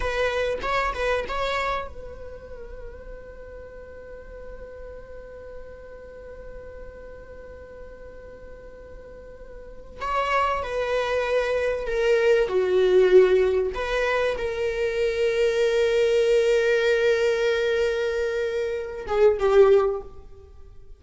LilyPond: \new Staff \with { instrumentName = "viola" } { \time 4/4 \tempo 4 = 96 b'4 cis''8 b'8 cis''4 b'4~ | b'1~ | b'1~ | b'1 |
cis''4 b'2 ais'4 | fis'2 b'4 ais'4~ | ais'1~ | ais'2~ ais'8 gis'8 g'4 | }